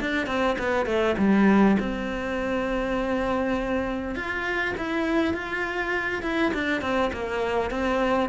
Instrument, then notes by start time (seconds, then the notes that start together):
cello
0.00 D4
0.27 C4
0.59 B3
0.86 A3
1.18 G3
1.79 C4
4.15 F4
4.77 E4
5.34 F4
6.23 E4
6.54 D4
6.81 C4
7.13 A#3
7.70 C4